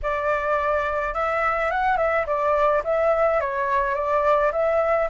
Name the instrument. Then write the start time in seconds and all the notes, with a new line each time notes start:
flute
0.02 D5
1.14 E5
1.71 F#5
1.97 E5
2.26 D5
2.84 E5
3.40 C#5
3.95 D5
4.52 E5